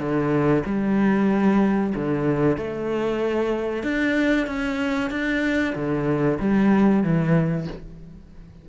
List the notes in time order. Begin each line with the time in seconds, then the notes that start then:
0.00 D3
0.66 G3
1.96 D3
2.58 A3
3.84 D4
4.47 C#4
5.11 D4
5.76 D3
6.40 G3
7.04 E3